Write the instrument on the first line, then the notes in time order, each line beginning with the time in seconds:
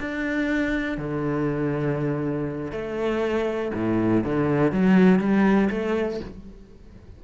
cello
0.00 D4
0.98 D3
2.72 A3
3.74 A2
4.24 D3
4.72 F#3
5.20 G3
5.70 A3